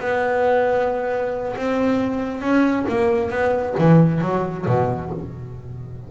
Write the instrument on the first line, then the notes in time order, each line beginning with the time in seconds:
double bass
0.00 B3
1.56 C4
2.41 C#4
2.89 A#3
3.30 B3
3.79 E3
4.21 F#3
4.66 B2